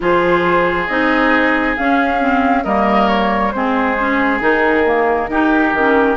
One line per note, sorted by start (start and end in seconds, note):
0.00 0.88 F3
0.00 0.88 F4
0.00 2.64 G#4
0.00 0.87 C5
0.87 1.76 C4
0.87 1.77 D#4
0.87 1.75 D#5
1.76 2.20 C#4
1.76 2.65 C#4
1.76 2.64 F5
2.20 2.64 C4
2.64 3.53 G3
2.64 3.53 A#3
2.64 3.52 A#4
2.64 3.08 D#5
3.08 3.51 C#5
3.51 4.41 G#3
3.51 3.97 C4
3.51 5.30 G#4
3.51 4.40 C5
3.98 4.40 C#4
4.40 5.28 D#3
4.40 4.84 D#4
4.40 6.17 A#4
4.85 5.29 A#3
5.28 5.72 D#4
5.28 5.75 D#4
5.28 6.17 G4
5.73 6.17 D#3
5.73 6.17 C#4